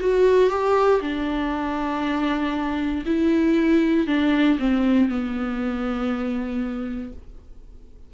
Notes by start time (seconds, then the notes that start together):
0.00 F#4
0.49 G4
1.01 D4
3.06 E4
4.07 D4
4.59 C4
5.09 B3